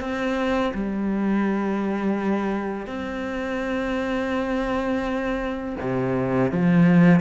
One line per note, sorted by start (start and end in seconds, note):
0.00 0.72 C4
0.74 2.87 G3
2.87 5.76 C4
5.80 6.52 C3
6.52 7.20 F3